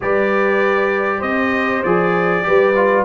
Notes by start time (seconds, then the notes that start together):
0.01 G3 G4 B4 D5
1.18 C4 C5 D#5
1.83 F3 G#4 D5
2.43 G3 G4 B4
2.75 F4